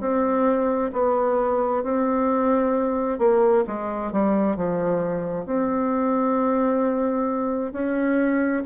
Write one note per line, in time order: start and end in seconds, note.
0.00 0.91 C4
0.93 1.83 B3
1.83 3.19 C4
3.19 3.64 A#3
3.67 4.12 G#3
4.12 4.56 G3
4.56 5.46 F3
5.46 7.72 C4
7.72 8.63 C#4